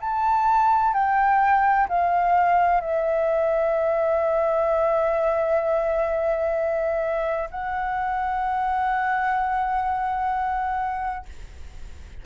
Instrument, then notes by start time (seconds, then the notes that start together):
flute
0.00 A5
0.94 G5
1.88 F5
2.81 E5
7.50 F#5